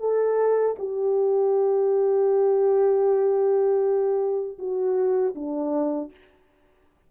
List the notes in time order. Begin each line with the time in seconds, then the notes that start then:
0.00 A4
0.78 G4
4.58 F#4
5.35 D4